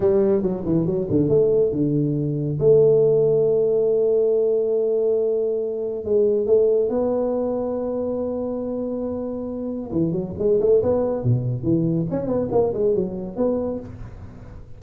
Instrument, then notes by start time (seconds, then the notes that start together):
tuba
0.00 G3
0.42 F#3
0.65 E3
0.85 F#3
1.09 D3
1.28 A3
1.71 D3
2.59 A3
6.04 G#3
6.46 A3
6.89 B3
9.91 E3
10.12 F#3
10.38 G#3
10.60 A3
10.82 B3
11.23 B2
11.63 E3
12.10 C#4
12.26 B3
12.51 A#3
12.73 G#3
12.95 F#3
13.36 B3